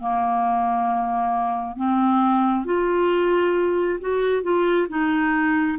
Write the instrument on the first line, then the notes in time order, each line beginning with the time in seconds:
clarinet
0.00 A#3
1.76 C4
2.65 F4
4.00 F#4
4.42 F4
4.89 D#4